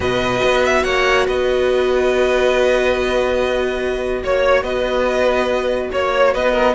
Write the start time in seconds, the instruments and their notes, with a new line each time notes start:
0.00 cello B2, viola F#4, violin B4 D#5
0.44 cello B3
0.64 violin E5
0.83 cello A#3, violin C#5 F#5
1.26 cello B3, violin B4 D#5
4.23 cello A#3, violin C#5
4.62 cello B3, violin B4 D#5
5.91 cello A#3, violin C#5
6.33 cello B3, violin B4 D#5
6.52 violin A#4